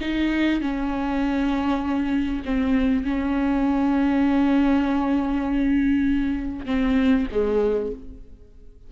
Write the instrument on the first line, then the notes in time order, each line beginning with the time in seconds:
viola
0.00 D#4
0.61 C#4
2.45 C4
3.04 C#4
6.66 C4
7.31 G#3